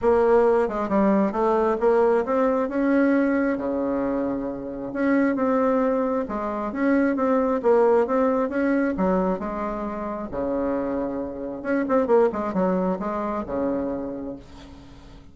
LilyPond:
\new Staff \with { instrumentName = "bassoon" } { \time 4/4 \tempo 4 = 134 ais4. gis8 g4 a4 | ais4 c'4 cis'2 | cis2. cis'4 | c'2 gis4 cis'4 |
c'4 ais4 c'4 cis'4 | fis4 gis2 cis4~ | cis2 cis'8 c'8 ais8 gis8 | fis4 gis4 cis2 | }